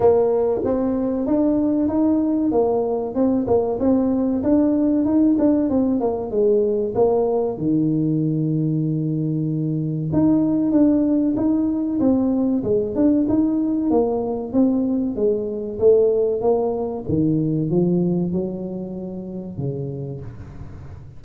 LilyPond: \new Staff \with { instrumentName = "tuba" } { \time 4/4 \tempo 4 = 95 ais4 c'4 d'4 dis'4 | ais4 c'8 ais8 c'4 d'4 | dis'8 d'8 c'8 ais8 gis4 ais4 | dis1 |
dis'4 d'4 dis'4 c'4 | gis8 d'8 dis'4 ais4 c'4 | gis4 a4 ais4 dis4 | f4 fis2 cis4 | }